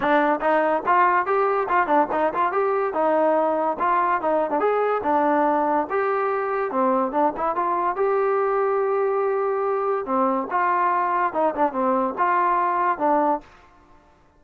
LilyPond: \new Staff \with { instrumentName = "trombone" } { \time 4/4 \tempo 4 = 143 d'4 dis'4 f'4 g'4 | f'8 d'8 dis'8 f'8 g'4 dis'4~ | dis'4 f'4 dis'8. d'16 gis'4 | d'2 g'2 |
c'4 d'8 e'8 f'4 g'4~ | g'1 | c'4 f'2 dis'8 d'8 | c'4 f'2 d'4 | }